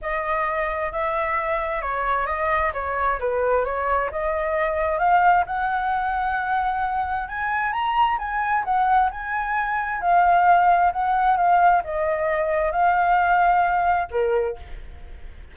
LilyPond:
\new Staff \with { instrumentName = "flute" } { \time 4/4 \tempo 4 = 132 dis''2 e''2 | cis''4 dis''4 cis''4 b'4 | cis''4 dis''2 f''4 | fis''1 |
gis''4 ais''4 gis''4 fis''4 | gis''2 f''2 | fis''4 f''4 dis''2 | f''2. ais'4 | }